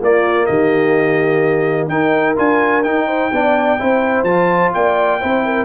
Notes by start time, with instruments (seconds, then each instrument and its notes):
0.00 tuba A#3, trombone A#3, horn F4, trumpet D5
0.46 tuba D#3, horn G4, trumpet D#5
1.88 tuba D#4, trombone D#4, horn A#4, trumpet G5
2.36 tuba D4, trombone F4, trumpet G#5
2.83 trombone D#4, tuba D#4, trumpet G5
3.07 horn C5
3.32 tuba B3, trombone D4, horn D5
3.79 tuba C4, trombone E4, horn C5
4.23 tuba F3, trombone F4, trumpet A5
4.73 tuba A#3, horn D5, trumpet G5
5.20 tuba C4, trombone E4, horn C5
5.45 horn A#4